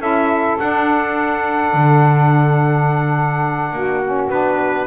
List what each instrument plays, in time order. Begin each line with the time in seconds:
0.00 double bass C#4, saxophone E4 A4, trumpet E5
0.59 saxophone D4, double bass D4, trumpet F#5
1.74 double bass D3
3.73 double bass A#3, saxophone F#4
4.04 saxophone C#4
4.30 double bass B3, saxophone D4, trumpet B4